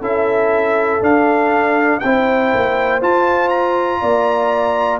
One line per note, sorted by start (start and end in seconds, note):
0.00 1.01 C#4
0.00 1.01 E4
0.00 2.00 A4
0.00 1.03 E5
1.01 2.01 D4
1.01 2.00 F5
2.00 2.54 C4
2.00 3.01 E4
2.00 4.01 C5
2.00 3.00 G5
2.54 3.02 A#3
3.01 5.00 F4
3.01 4.02 F4
3.01 3.49 A5
3.49 4.99 A#5
4.01 5.00 A#3
4.01 5.00 D5